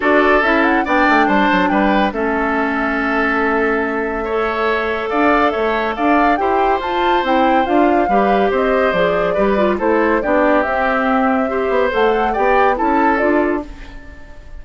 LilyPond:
<<
  \new Staff \with { instrumentName = "flute" } { \time 4/4 \tempo 4 = 141 d''4 e''8 fis''8 g''4 a''4 | g''4 e''2.~ | e''1 | f''4 e''4 f''4 g''4 |
a''4 g''4 f''2 | dis''4 d''2 c''4 | d''4 e''2. | fis''4 g''4 a''4 d''4 | }
  \new Staff \with { instrumentName = "oboe" } { \time 4/4 a'2 d''4 c''4 | b'4 a'2.~ | a'2 cis''2 | d''4 cis''4 d''4 c''4~ |
c''2. b'4 | c''2 b'4 a'4 | g'2. c''4~ | c''4 d''4 a'2 | }
  \new Staff \with { instrumentName = "clarinet" } { \time 4/4 fis'4 e'4 d'2~ | d'4 cis'2.~ | cis'2 a'2~ | a'2. g'4 |
f'4 e'4 f'4 g'4~ | g'4 gis'4 g'8 f'8 e'4 | d'4 c'2 g'4 | a'4 g'4 e'4 f'4 | }
  \new Staff \with { instrumentName = "bassoon" } { \time 4/4 d'4 cis'4 b8 a8 g8 fis8 | g4 a2.~ | a1 | d'4 a4 d'4 e'4 |
f'4 c'4 d'4 g4 | c'4 f4 g4 a4 | b4 c'2~ c'8 b8 | a4 b4 cis'4 d'4 | }
>>